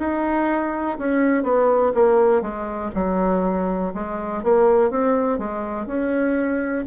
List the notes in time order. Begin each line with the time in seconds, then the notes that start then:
0.00 D#4
0.99 C#4
1.44 B3
1.95 A#3
2.42 G#3
2.95 F#3
3.94 G#3
4.44 A#3
4.91 C4
5.39 G#3
5.87 C#4